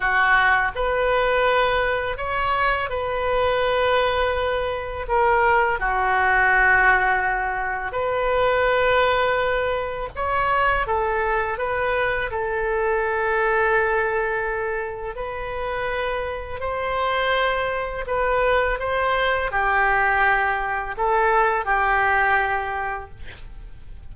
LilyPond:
\new Staff \with { instrumentName = "oboe" } { \time 4/4 \tempo 4 = 83 fis'4 b'2 cis''4 | b'2. ais'4 | fis'2. b'4~ | b'2 cis''4 a'4 |
b'4 a'2.~ | a'4 b'2 c''4~ | c''4 b'4 c''4 g'4~ | g'4 a'4 g'2 | }